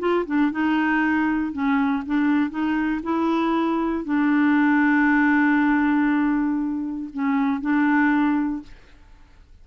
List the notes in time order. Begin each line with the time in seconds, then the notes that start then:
0.00 F4
0.26 D4
0.52 D#4
1.53 C#4
2.06 D4
2.51 D#4
3.03 E4
4.05 D4
7.14 C#4
7.61 D4